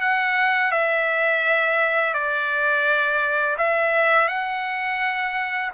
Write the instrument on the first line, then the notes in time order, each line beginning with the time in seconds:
trumpet
0.00 F#5
0.71 E5
2.13 D5
3.57 E5
4.28 F#5